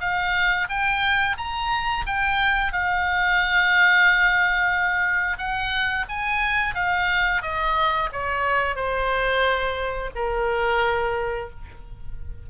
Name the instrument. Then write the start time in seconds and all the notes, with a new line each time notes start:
oboe
0.00 F5
0.69 G5
1.37 A#5
2.06 G5
2.72 F5
5.38 F#5
6.09 G#5
6.75 F5
7.42 D#5
8.12 C#5
8.75 C5
10.15 A#4